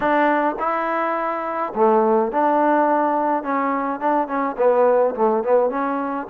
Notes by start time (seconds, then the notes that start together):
0.00 D4
0.59 E4
1.75 A3
2.32 D4
3.43 C#4
3.99 D4
4.27 C#4
4.57 B3
5.15 A3
5.43 B3
5.70 C#4